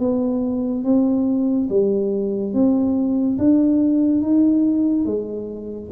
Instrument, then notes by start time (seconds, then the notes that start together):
tuba
0.00 B3
0.84 C4
1.70 G3
2.54 C4
3.39 D4
4.22 D#4
5.06 G#3